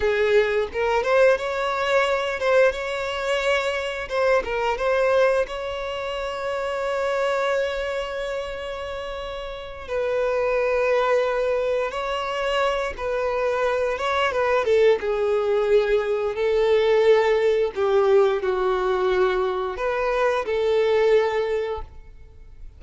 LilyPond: \new Staff \with { instrumentName = "violin" } { \time 4/4 \tempo 4 = 88 gis'4 ais'8 c''8 cis''4. c''8 | cis''2 c''8 ais'8 c''4 | cis''1~ | cis''2~ cis''8 b'4.~ |
b'4. cis''4. b'4~ | b'8 cis''8 b'8 a'8 gis'2 | a'2 g'4 fis'4~ | fis'4 b'4 a'2 | }